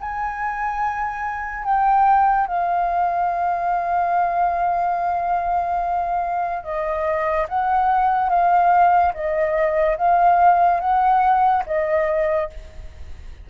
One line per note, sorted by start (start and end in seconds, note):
0.00 1.64 G#5
1.64 2.47 G5
2.47 6.63 F5
6.63 7.47 D#5
7.48 8.29 F#5
8.29 9.12 F5
9.14 9.97 D#5
9.97 10.80 F5
10.80 11.63 F#5
11.66 12.50 D#5